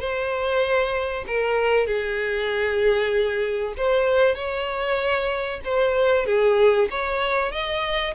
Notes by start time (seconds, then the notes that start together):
0.00 C5
1.27 A#4
1.87 G#4
3.77 C5
4.35 C#5
5.64 C5
6.26 G#4
6.90 C#5
7.52 D#5